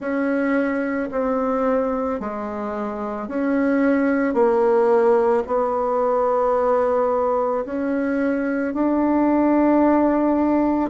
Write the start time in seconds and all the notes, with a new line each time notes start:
0.00 C#4
1.11 C4
2.20 G#3
3.28 C#4
4.33 A#3
5.46 B3
7.65 C#4
8.74 D4